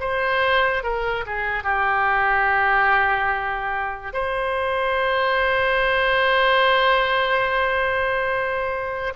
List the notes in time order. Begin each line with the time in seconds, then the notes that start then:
0.00 C5
0.83 A#4
1.26 G#4
1.63 G4
4.13 C5